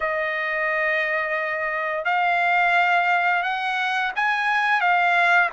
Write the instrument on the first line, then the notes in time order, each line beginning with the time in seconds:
trumpet
0.00 D#5
2.05 F5
3.43 F#5
4.15 G#5
4.80 F5